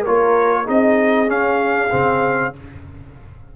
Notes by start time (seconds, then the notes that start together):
0.00 F4 A#4 C#5
0.08 A#3
0.64 C4 D#4 G#4 D#5
1.26 C#4 F5
1.90 C#3 C4